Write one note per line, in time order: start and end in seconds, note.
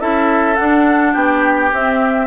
0.00 0.59 C#4
0.00 0.57 E4
0.00 1.14 A4
0.00 0.56 E5
0.56 1.72 D4
0.56 1.15 D4
0.56 1.13 F#5
1.13 1.72 B3
1.13 2.27 G4
1.13 1.71 G5
1.73 2.27 C4
1.73 2.27 E5